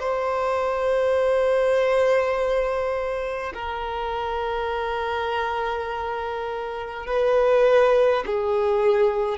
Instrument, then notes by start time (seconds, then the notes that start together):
violin
0.00 C5
3.54 A#4
7.06 B4
8.27 G#4